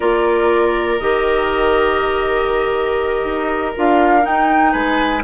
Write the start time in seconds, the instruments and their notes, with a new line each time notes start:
0.00 bassoon A#3, clarinet F4, oboe A#4, flute D5
0.99 bassoon D#3, clarinet G4, flute D#5
3.24 bassoon D#4
3.76 bassoon D4, clarinet F4, flute F5
4.22 clarinet D#4, bassoon D#4, flute G5
4.72 bassoon G#3, oboe B4, flute G#5